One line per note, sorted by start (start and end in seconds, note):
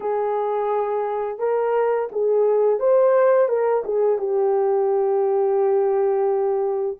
0.00 1.38 G#4
1.39 2.08 A#4
2.12 2.79 G#4
2.79 3.48 C5
3.48 3.83 A#4
3.84 4.18 G#4
4.18 6.97 G4